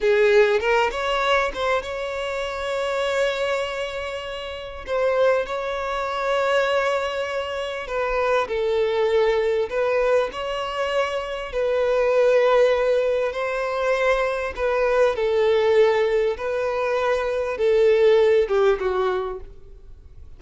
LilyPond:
\new Staff \with { instrumentName = "violin" } { \time 4/4 \tempo 4 = 99 gis'4 ais'8 cis''4 c''8 cis''4~ | cis''1 | c''4 cis''2.~ | cis''4 b'4 a'2 |
b'4 cis''2 b'4~ | b'2 c''2 | b'4 a'2 b'4~ | b'4 a'4. g'8 fis'4 | }